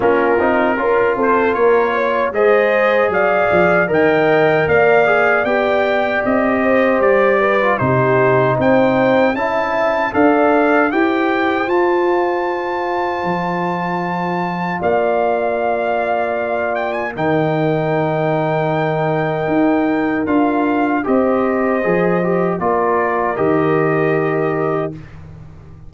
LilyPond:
<<
  \new Staff \with { instrumentName = "trumpet" } { \time 4/4 \tempo 4 = 77 ais'4. c''8 cis''4 dis''4 | f''4 g''4 f''4 g''4 | dis''4 d''4 c''4 g''4 | a''4 f''4 g''4 a''4~ |
a''2. f''4~ | f''4. g''16 gis''16 g''2~ | g''2 f''4 dis''4~ | dis''4 d''4 dis''2 | }
  \new Staff \with { instrumentName = "horn" } { \time 4/4 f'4 ais'8 a'8 ais'8 cis''8 c''4 | d''4 dis''4 d''2~ | d''8 c''4 b'8 g'4 c''4 | e''4 d''4 c''2~ |
c''2. d''4~ | d''2 ais'2~ | ais'2. c''4~ | c''4 ais'2. | }
  \new Staff \with { instrumentName = "trombone" } { \time 4/4 cis'8 dis'8 f'2 gis'4~ | gis'4 ais'4. gis'8 g'4~ | g'4.~ g'16 f'16 dis'2 | e'4 a'4 g'4 f'4~ |
f'1~ | f'2 dis'2~ | dis'2 f'4 g'4 | gis'8 g'8 f'4 g'2 | }
  \new Staff \with { instrumentName = "tuba" } { \time 4/4 ais8 c'8 cis'8 c'8 ais4 gis4 | fis8 f8 dis4 ais4 b4 | c'4 g4 c4 c'4 | cis'4 d'4 e'4 f'4~ |
f'4 f2 ais4~ | ais2 dis2~ | dis4 dis'4 d'4 c'4 | f4 ais4 dis2 | }
>>